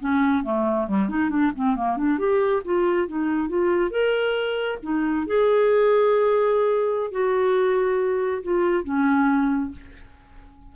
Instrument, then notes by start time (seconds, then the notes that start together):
clarinet
0.00 C#4
0.43 A3
0.87 G3
1.08 D#4
1.29 D4
1.55 C4
1.75 A#3
1.97 D4
2.18 G4
2.64 F4
3.08 D#4
3.48 F4
3.90 A#4
4.82 D#4
5.26 G#4
7.11 F#4
8.42 F4
8.84 C#4